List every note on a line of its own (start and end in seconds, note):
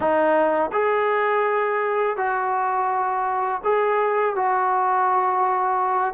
0.00 0.70 D#4
0.72 2.17 G#4
2.17 3.61 F#4
3.63 4.35 G#4
4.35 6.14 F#4